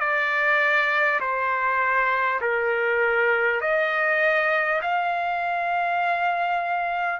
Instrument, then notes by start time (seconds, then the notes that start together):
trumpet
0.00 D5
1.21 C5
2.41 A#4
3.62 D#5
4.82 F5